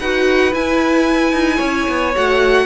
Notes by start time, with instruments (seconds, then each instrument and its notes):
0.00 cello D#4, viola F#4, violin B4 F#5
0.52 viola E4, cello E4, violin G#5
1.33 cello D#4
1.57 cello C#4, violin C#5
1.89 cello B3
2.16 cello A3, viola F#4, violin F#5